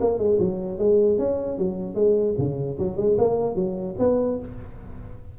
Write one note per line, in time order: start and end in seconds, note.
0.00 0.18 A#3
0.18 0.38 G#3
0.39 0.78 F#3
0.78 1.18 G#3
1.18 1.58 C#4
1.58 1.95 F#3
1.95 2.35 G#3
2.37 2.77 C#3
2.78 2.97 F#3
2.97 3.17 G#3
3.18 3.55 A#3
3.55 3.95 F#3
3.99 4.39 B3